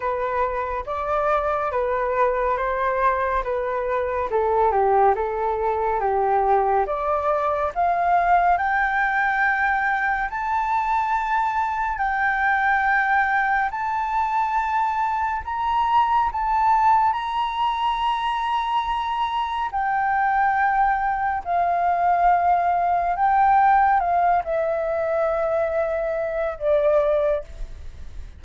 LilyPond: \new Staff \with { instrumentName = "flute" } { \time 4/4 \tempo 4 = 70 b'4 d''4 b'4 c''4 | b'4 a'8 g'8 a'4 g'4 | d''4 f''4 g''2 | a''2 g''2 |
a''2 ais''4 a''4 | ais''2. g''4~ | g''4 f''2 g''4 | f''8 e''2~ e''8 d''4 | }